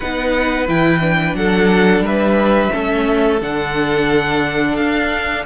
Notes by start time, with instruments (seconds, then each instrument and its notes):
0.00 cello B3, viola D#4, violin B4 F#5
0.67 cello E3, viola E4, violin G5
1.01 viola D4
1.34 cello F#3, violin A4 F#5
2.00 cello G3, violin B4 E5
2.71 cello A3, viola C#4, violin A4
3.41 cello D3, viola D4, violin F#5
4.75 cello D4, violin F5